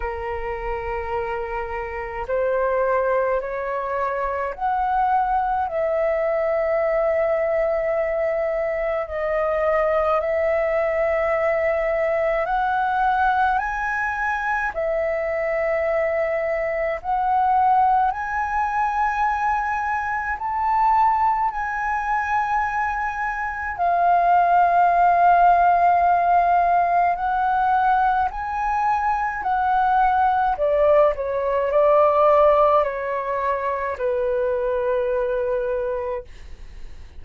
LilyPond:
\new Staff \with { instrumentName = "flute" } { \time 4/4 \tempo 4 = 53 ais'2 c''4 cis''4 | fis''4 e''2. | dis''4 e''2 fis''4 | gis''4 e''2 fis''4 |
gis''2 a''4 gis''4~ | gis''4 f''2. | fis''4 gis''4 fis''4 d''8 cis''8 | d''4 cis''4 b'2 | }